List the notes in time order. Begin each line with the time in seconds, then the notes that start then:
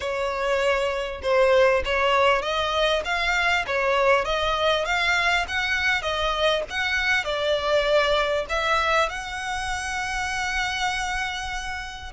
0.00 C#5
1.22 C5
1.85 C#5
2.42 D#5
3.04 F5
3.67 C#5
4.24 D#5
4.85 F5
5.47 F#5
6.02 D#5
6.70 F#5
7.24 D5
8.48 E5
9.09 F#5